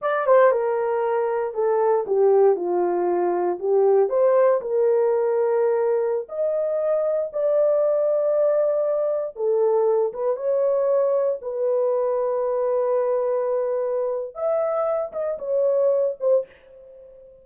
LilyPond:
\new Staff \with { instrumentName = "horn" } { \time 4/4 \tempo 4 = 117 d''8 c''8 ais'2 a'4 | g'4 f'2 g'4 | c''4 ais'2.~ | ais'16 dis''2 d''4.~ d''16~ |
d''2~ d''16 a'4. b'16~ | b'16 cis''2 b'4.~ b'16~ | b'1 | e''4. dis''8 cis''4. c''8 | }